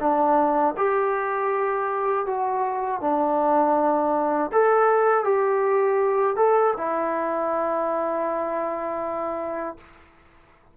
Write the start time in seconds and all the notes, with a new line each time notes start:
0.00 D4
0.77 G4
2.26 F#4
3.01 D4
4.52 A4
5.24 G4
6.36 A4
6.77 E4